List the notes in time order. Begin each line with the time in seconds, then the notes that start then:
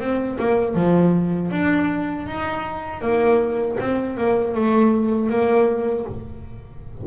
0.00 C4
0.39 A#3
0.75 F3
1.52 D4
2.27 D#4
3.02 A#3
3.81 C4
4.18 A#3
4.55 A3
5.30 A#3